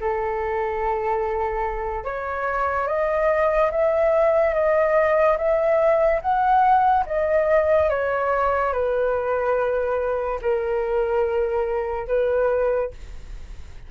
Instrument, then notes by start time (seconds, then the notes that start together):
flute
0.00 A4
2.04 C#5
2.87 D#5
3.71 E5
4.53 D#5
5.37 E5
6.21 F#5
7.06 D#5
7.89 C#5
8.72 B4
10.41 A#4
12.07 B4